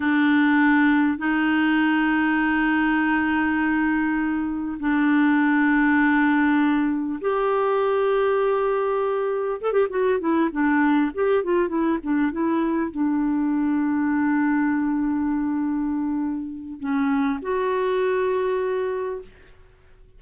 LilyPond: \new Staff \with { instrumentName = "clarinet" } { \time 4/4 \tempo 4 = 100 d'2 dis'2~ | dis'1 | d'1 | g'1 |
a'16 g'16 fis'8 e'8 d'4 g'8 f'8 e'8 | d'8 e'4 d'2~ d'8~ | d'1 | cis'4 fis'2. | }